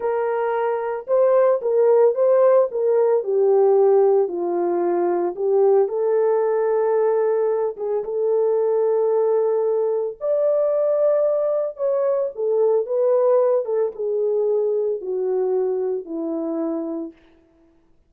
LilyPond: \new Staff \with { instrumentName = "horn" } { \time 4/4 \tempo 4 = 112 ais'2 c''4 ais'4 | c''4 ais'4 g'2 | f'2 g'4 a'4~ | a'2~ a'8 gis'8 a'4~ |
a'2. d''4~ | d''2 cis''4 a'4 | b'4. a'8 gis'2 | fis'2 e'2 | }